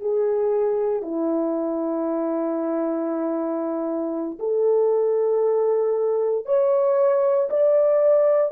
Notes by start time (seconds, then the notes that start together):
0.00 G#4
1.02 E4
4.39 A4
6.45 C#5
7.50 D5